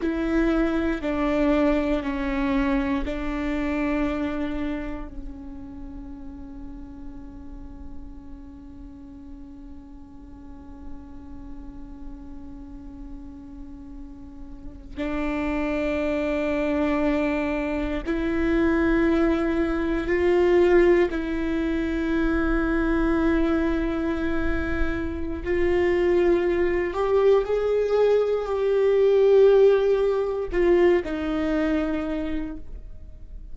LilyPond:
\new Staff \with { instrumentName = "viola" } { \time 4/4 \tempo 4 = 59 e'4 d'4 cis'4 d'4~ | d'4 cis'2.~ | cis'1~ | cis'2~ cis'8. d'4~ d'16~ |
d'4.~ d'16 e'2 f'16~ | f'8. e'2.~ e'16~ | e'4 f'4. g'8 gis'4 | g'2 f'8 dis'4. | }